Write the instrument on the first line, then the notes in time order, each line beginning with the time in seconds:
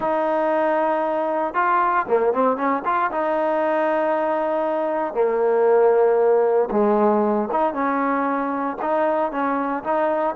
trombone
0.00 D#4
1.54 F4
2.08 A#3
2.33 C4
2.56 C#4
2.85 F4
3.11 D#4
5.14 A#3
6.71 G#3
7.51 D#4
7.73 C#4
8.81 D#4
9.31 C#4
9.83 D#4